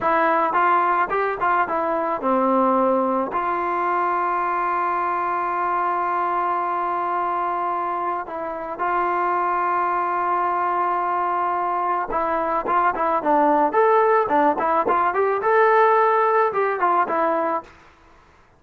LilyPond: \new Staff \with { instrumentName = "trombone" } { \time 4/4 \tempo 4 = 109 e'4 f'4 g'8 f'8 e'4 | c'2 f'2~ | f'1~ | f'2. e'4 |
f'1~ | f'2 e'4 f'8 e'8 | d'4 a'4 d'8 e'8 f'8 g'8 | a'2 g'8 f'8 e'4 | }